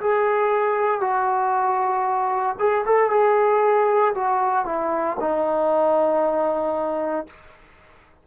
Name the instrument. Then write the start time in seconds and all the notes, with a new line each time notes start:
trombone
0.00 G#4
1.00 F#4
2.59 G#4
2.85 A4
3.10 G#4
4.14 F#4
4.65 E4
5.20 D#4